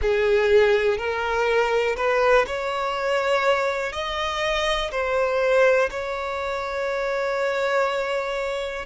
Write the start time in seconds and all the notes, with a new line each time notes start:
0.01 G#4
0.97 A#4
1.96 B4
2.46 C#5
3.92 D#5
4.91 C5
5.90 C#5